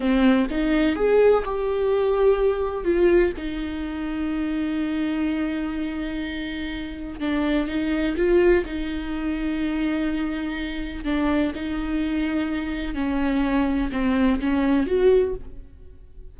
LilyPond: \new Staff \with { instrumentName = "viola" } { \time 4/4 \tempo 4 = 125 c'4 dis'4 gis'4 g'4~ | g'2 f'4 dis'4~ | dis'1~ | dis'2. d'4 |
dis'4 f'4 dis'2~ | dis'2. d'4 | dis'2. cis'4~ | cis'4 c'4 cis'4 fis'4 | }